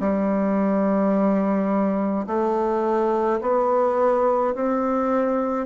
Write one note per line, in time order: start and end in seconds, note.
0.00 2.26 G3
2.27 3.40 A3
3.41 4.54 B3
4.54 5.66 C4